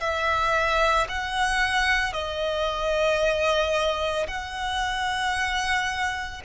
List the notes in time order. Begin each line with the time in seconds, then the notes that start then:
0.00 E5
1.09 F#5
2.12 D#5
4.28 F#5